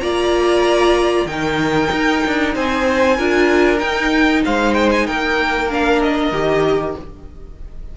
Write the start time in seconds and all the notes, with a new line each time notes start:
0.00 A#3 F4 D5 A#5
1.25 D#3 D#4 A#4 G5
1.91 D#4
2.27 D4
2.54 C4 C5 G#5
3.17 D4 F4 A#4
3.77 D#4 G5
4.45 G#3 C5 F5
4.74 G5
4.91 G#5
5.06 A#3 A#4 G5
5.70 D4 F5
6.02 D#5
6.32 D#3 G4